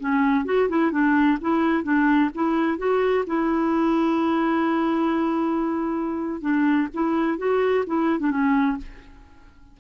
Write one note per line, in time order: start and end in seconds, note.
0.00 0.46 C#4
0.46 0.69 F#4
0.69 0.92 E4
0.92 1.39 D4
1.42 1.84 E4
1.84 2.31 D4
2.35 2.78 E4
2.78 3.25 F#4
3.27 6.42 E4
6.42 6.88 D4
6.94 7.38 E4
7.38 7.85 F#4
7.87 8.20 E4
8.20 8.31 D4
8.31 8.78 C#4